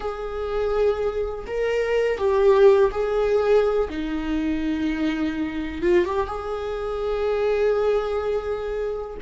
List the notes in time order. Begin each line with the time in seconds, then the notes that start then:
0.00 G#4
1.46 A#4
2.18 G4
2.91 G#4
3.89 D#4
5.82 F4
6.05 G4
6.27 G#4